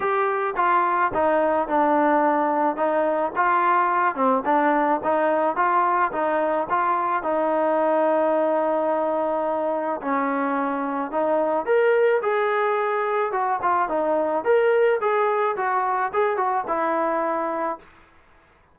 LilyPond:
\new Staff \with { instrumentName = "trombone" } { \time 4/4 \tempo 4 = 108 g'4 f'4 dis'4 d'4~ | d'4 dis'4 f'4. c'8 | d'4 dis'4 f'4 dis'4 | f'4 dis'2.~ |
dis'2 cis'2 | dis'4 ais'4 gis'2 | fis'8 f'8 dis'4 ais'4 gis'4 | fis'4 gis'8 fis'8 e'2 | }